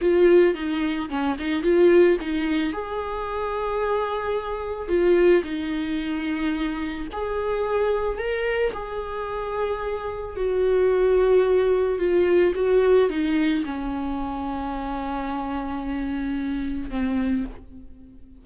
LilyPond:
\new Staff \with { instrumentName = "viola" } { \time 4/4 \tempo 4 = 110 f'4 dis'4 cis'8 dis'8 f'4 | dis'4 gis'2.~ | gis'4 f'4 dis'2~ | dis'4 gis'2 ais'4 |
gis'2. fis'4~ | fis'2 f'4 fis'4 | dis'4 cis'2.~ | cis'2. c'4 | }